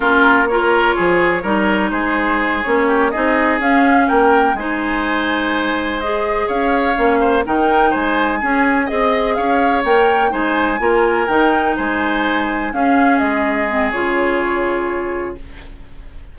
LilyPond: <<
  \new Staff \with { instrumentName = "flute" } { \time 4/4 \tempo 4 = 125 ais'4 cis''2. | c''4. cis''4 dis''4 f''8~ | f''8 g''4 gis''2~ gis''8~ | gis''8 dis''4 f''2 g''8~ |
g''8 gis''2 dis''4 f''8~ | f''8 g''4 gis''2 g''8~ | g''8 gis''2 f''4 dis''8~ | dis''4 cis''2. | }
  \new Staff \with { instrumentName = "oboe" } { \time 4/4 f'4 ais'4 gis'4 ais'4 | gis'2 g'8 gis'4.~ | gis'8 ais'4 c''2~ c''8~ | c''4. cis''4. c''8 ais'8~ |
ais'8 c''4 gis'4 dis''4 cis''8~ | cis''4. c''4 ais'4.~ | ais'8 c''2 gis'4.~ | gis'1 | }
  \new Staff \with { instrumentName = "clarinet" } { \time 4/4 cis'4 f'2 dis'4~ | dis'4. cis'4 dis'4 cis'8~ | cis'4. dis'2~ dis'8~ | dis'8 gis'2 cis'4 dis'8~ |
dis'4. cis'4 gis'4.~ | gis'8 ais'4 dis'4 f'4 dis'8~ | dis'2~ dis'8 cis'4.~ | cis'8 c'8 f'2. | }
  \new Staff \with { instrumentName = "bassoon" } { \time 4/4 ais2 f4 g4 | gis4. ais4 c'4 cis'8~ | cis'8 ais4 gis2~ gis8~ | gis4. cis'4 ais4 dis8~ |
dis8 gis4 cis'4 c'4 cis'8~ | cis'8 ais4 gis4 ais4 dis8~ | dis8 gis2 cis'4 gis8~ | gis4 cis2. | }
>>